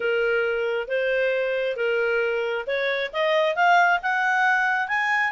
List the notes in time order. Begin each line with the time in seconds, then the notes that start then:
0.00 A#4
0.88 C5
1.76 A#4
2.66 C#5
3.12 D#5
3.55 F5
4.02 F#5
4.87 G#5